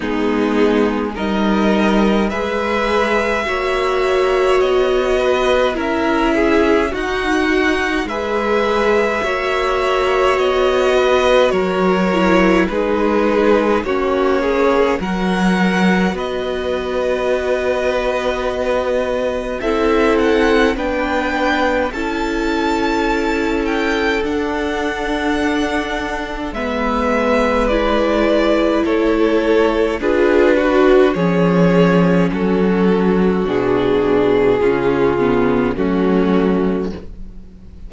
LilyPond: <<
  \new Staff \with { instrumentName = "violin" } { \time 4/4 \tempo 4 = 52 gis'4 dis''4 e''2 | dis''4 e''4 fis''4 e''4~ | e''4 dis''4 cis''4 b'4 | cis''4 fis''4 dis''2~ |
dis''4 e''8 fis''8 g''4 a''4~ | a''8 g''8 fis''2 e''4 | d''4 cis''4 b'4 cis''4 | a'4 gis'2 fis'4 | }
  \new Staff \with { instrumentName = "violin" } { \time 4/4 dis'4 ais'4 b'4 cis''4~ | cis''8 b'8 ais'8 gis'8 fis'4 b'4 | cis''4. b'8 ais'4 gis'4 | fis'8 gis'8 ais'4 b'2~ |
b'4 a'4 b'4 a'4~ | a'2. b'4~ | b'4 a'4 gis'8 fis'8 gis'4 | fis'2 f'4 cis'4 | }
  \new Staff \with { instrumentName = "viola" } { \time 4/4 b4 dis'4 gis'4 fis'4~ | fis'4 e'4 dis'4 gis'4 | fis'2~ fis'8 e'8 dis'4 | cis'4 fis'2.~ |
fis'4 e'4 d'4 e'4~ | e'4 d'2 b4 | e'2 f'8 fis'8 cis'4~ | cis'4 d'4 cis'8 b8 a4 | }
  \new Staff \with { instrumentName = "cello" } { \time 4/4 gis4 g4 gis4 ais4 | b4 cis'4 dis'4 gis4 | ais4 b4 fis4 gis4 | ais4 fis4 b2~ |
b4 c'4 b4 cis'4~ | cis'4 d'2 gis4~ | gis4 a4 d'4 f4 | fis4 b,4 cis4 fis4 | }
>>